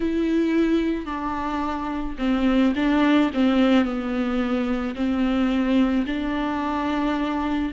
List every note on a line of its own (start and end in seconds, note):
0.00 1.05 E4
1.05 2.15 D4
2.18 2.73 C4
2.75 3.30 D4
3.34 3.84 C4
3.84 4.94 B3
4.95 6.05 C4
6.06 7.71 D4